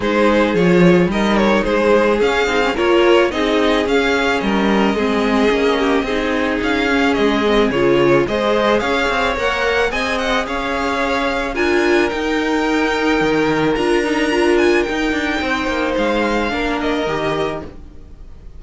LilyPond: <<
  \new Staff \with { instrumentName = "violin" } { \time 4/4 \tempo 4 = 109 c''4 cis''4 dis''8 cis''8 c''4 | f''4 cis''4 dis''4 f''4 | dis''1 | f''4 dis''4 cis''4 dis''4 |
f''4 fis''4 gis''8 fis''8 f''4~ | f''4 gis''4 g''2~ | g''4 ais''4. gis''8 g''4~ | g''4 f''4. dis''4. | }
  \new Staff \with { instrumentName = "violin" } { \time 4/4 gis'2 ais'4 gis'4~ | gis'4 ais'4 gis'2 | ais'4 gis'4. g'8 gis'4~ | gis'2. c''4 |
cis''2 dis''4 cis''4~ | cis''4 ais'2.~ | ais'1 | c''2 ais'2 | }
  \new Staff \with { instrumentName = "viola" } { \time 4/4 dis'4 f'4 dis'2 | cis'8 dis'16 cis'16 f'4 dis'4 cis'4~ | cis'4 c'4 cis'4 dis'4~ | dis'8 cis'4 c'8 f'4 gis'4~ |
gis'4 ais'4 gis'2~ | gis'4 f'4 dis'2~ | dis'4 f'8 dis'8 f'4 dis'4~ | dis'2 d'4 g'4 | }
  \new Staff \with { instrumentName = "cello" } { \time 4/4 gis4 f4 g4 gis4 | cis'8 c'8 ais4 c'4 cis'4 | g4 gis4 ais4 c'4 | cis'4 gis4 cis4 gis4 |
cis'8 c'8 ais4 c'4 cis'4~ | cis'4 d'4 dis'2 | dis4 d'2 dis'8 d'8 | c'8 ais8 gis4 ais4 dis4 | }
>>